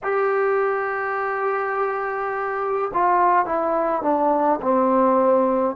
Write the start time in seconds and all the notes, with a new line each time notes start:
0.03 G4
2.93 F4
3.45 E4
4.01 D4
4.61 C4